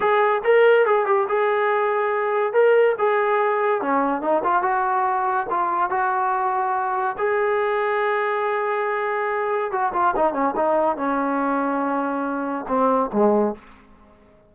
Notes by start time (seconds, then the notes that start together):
0.00 G#4
0.44 A#4
0.85 G#4
1.06 G4
1.28 G#4
2.53 A#4
2.98 G#4
3.81 C#4
4.21 D#4
4.43 F4
4.62 F#4
5.49 F4
5.89 F#4
7.18 G#4
9.71 F#4
9.93 F4
10.15 D#4
10.33 C#4
10.56 D#4
10.96 C#4
12.68 C4
13.13 G#3